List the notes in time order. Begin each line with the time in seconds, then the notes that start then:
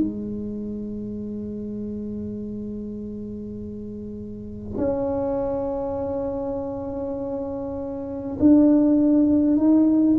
0.00 G#3
4.78 C#4
8.40 D4
9.57 D#4